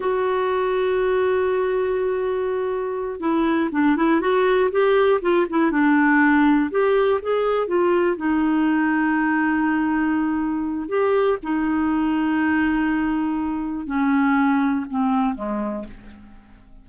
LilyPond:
\new Staff \with { instrumentName = "clarinet" } { \time 4/4 \tempo 4 = 121 fis'1~ | fis'2~ fis'8 e'4 d'8 | e'8 fis'4 g'4 f'8 e'8 d'8~ | d'4. g'4 gis'4 f'8~ |
f'8 dis'2.~ dis'8~ | dis'2 g'4 dis'4~ | dis'1 | cis'2 c'4 gis4 | }